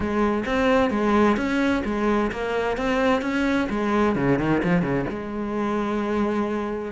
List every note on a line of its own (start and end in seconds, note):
0.00 0.44 G#3
0.45 0.90 C4
0.90 1.36 G#3
1.36 1.82 C#4
1.85 2.31 G#3
2.31 2.77 A#3
2.77 3.21 C4
3.21 3.67 C#4
3.69 4.15 G#3
4.15 4.38 C#3
4.38 4.62 D#3
4.63 4.82 F3
4.82 5.05 C#3
5.09 6.92 G#3